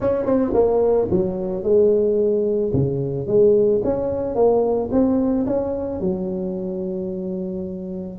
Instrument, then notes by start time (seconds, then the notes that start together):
tuba
0.00 C#4
0.25 C4
0.53 A#3
1.11 F#3
1.63 G#3
2.73 C#3
3.27 G#3
3.84 C#4
4.35 A#3
4.91 C4
5.46 C#4
6.00 F#3